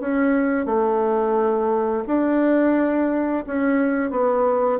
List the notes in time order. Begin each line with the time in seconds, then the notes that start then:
0.00 C#4
0.66 A3
2.07 D4
3.46 C#4
4.10 B3